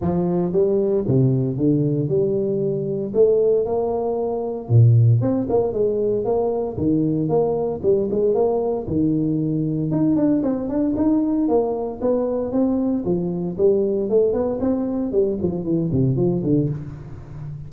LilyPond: \new Staff \with { instrumentName = "tuba" } { \time 4/4 \tempo 4 = 115 f4 g4 c4 d4 | g2 a4 ais4~ | ais4 ais,4 c'8 ais8 gis4 | ais4 dis4 ais4 g8 gis8 |
ais4 dis2 dis'8 d'8 | c'8 d'8 dis'4 ais4 b4 | c'4 f4 g4 a8 b8 | c'4 g8 f8 e8 c8 f8 d8 | }